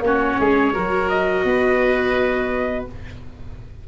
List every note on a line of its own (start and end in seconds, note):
0.00 0.35 A#3
0.00 0.73 C#4
0.00 0.39 F#4
0.00 1.09 C#5
0.39 0.74 G#3
0.39 0.73 G#4
0.73 1.44 F#3
0.73 2.85 F#4
0.73 1.44 A#4
1.09 2.85 D#5
1.44 2.85 B3
1.44 2.88 B4